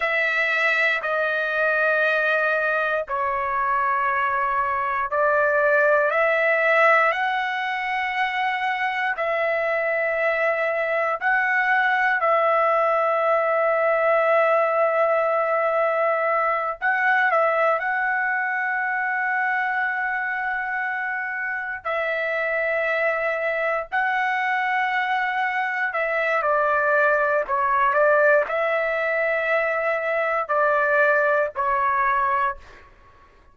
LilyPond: \new Staff \with { instrumentName = "trumpet" } { \time 4/4 \tempo 4 = 59 e''4 dis''2 cis''4~ | cis''4 d''4 e''4 fis''4~ | fis''4 e''2 fis''4 | e''1~ |
e''8 fis''8 e''8 fis''2~ fis''8~ | fis''4. e''2 fis''8~ | fis''4. e''8 d''4 cis''8 d''8 | e''2 d''4 cis''4 | }